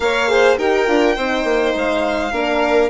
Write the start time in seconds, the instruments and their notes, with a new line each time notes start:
0.00 bassoon A#3, horn A#4, violin C#5 F5
0.27 horn G#4, violin C5
0.57 bassoon D#4, horn G4, violin A#4 G5
0.86 bassoon D4, horn F4
1.15 bassoon C4, horn D#4, violin C5
1.44 bassoon A#3
1.75 bassoon G#3, violin F5
2.31 bassoon A#3, horn D4, violin A#4